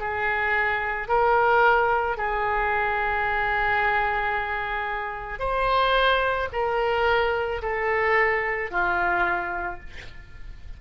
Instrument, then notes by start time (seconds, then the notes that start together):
oboe
0.00 G#4
1.08 A#4
2.17 G#4
5.40 C5
6.53 A#4
7.62 A4
8.71 F4